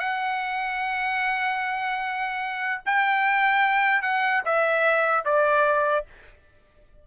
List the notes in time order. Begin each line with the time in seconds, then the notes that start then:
0.00 F#5
2.86 G5
4.02 F#5
4.46 E5
5.25 D5